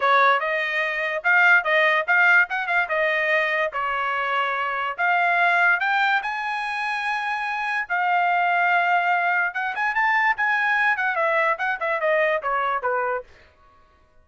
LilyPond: \new Staff \with { instrumentName = "trumpet" } { \time 4/4 \tempo 4 = 145 cis''4 dis''2 f''4 | dis''4 f''4 fis''8 f''8 dis''4~ | dis''4 cis''2. | f''2 g''4 gis''4~ |
gis''2. f''4~ | f''2. fis''8 gis''8 | a''4 gis''4. fis''8 e''4 | fis''8 e''8 dis''4 cis''4 b'4 | }